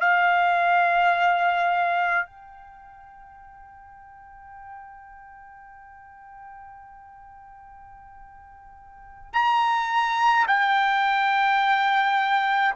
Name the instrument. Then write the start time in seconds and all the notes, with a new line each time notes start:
trumpet
0.00 F5
2.26 G5
9.33 A#5
10.48 G5